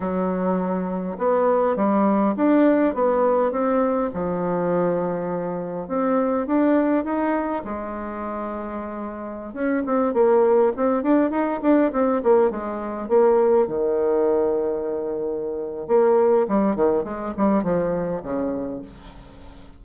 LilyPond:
\new Staff \with { instrumentName = "bassoon" } { \time 4/4 \tempo 4 = 102 fis2 b4 g4 | d'4 b4 c'4 f4~ | f2 c'4 d'4 | dis'4 gis2.~ |
gis16 cis'8 c'8 ais4 c'8 d'8 dis'8 d'16~ | d'16 c'8 ais8 gis4 ais4 dis8.~ | dis2. ais4 | g8 dis8 gis8 g8 f4 cis4 | }